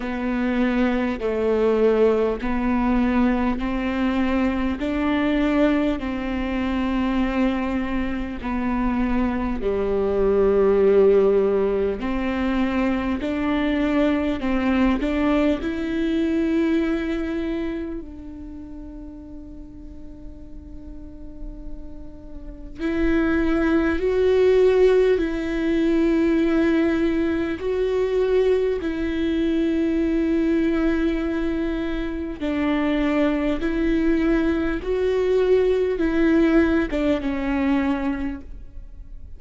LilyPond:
\new Staff \with { instrumentName = "viola" } { \time 4/4 \tempo 4 = 50 b4 a4 b4 c'4 | d'4 c'2 b4 | g2 c'4 d'4 | c'8 d'8 e'2 d'4~ |
d'2. e'4 | fis'4 e'2 fis'4 | e'2. d'4 | e'4 fis'4 e'8. d'16 cis'4 | }